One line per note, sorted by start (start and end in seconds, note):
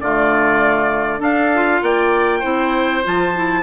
0.00 1.20 D3
0.00 1.19 A3
0.00 1.19 F4
0.00 1.21 D5
1.19 1.49 D4
1.19 1.81 D4
1.19 1.80 A4
1.19 1.83 F5
1.54 2.41 F4
1.82 2.43 A#3
1.82 2.39 D5
1.82 3.04 G5
2.39 3.04 C4
2.39 3.02 E4
2.39 3.60 C5
3.03 3.62 F3
3.03 3.33 F4
3.03 3.62 A5
3.35 3.62 E4